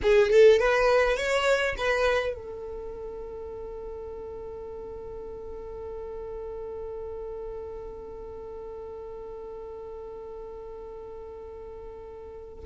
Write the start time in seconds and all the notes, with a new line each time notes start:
0.02 G#4
0.30 A4
0.59 B4
1.16 C#5
1.77 B4
2.34 A4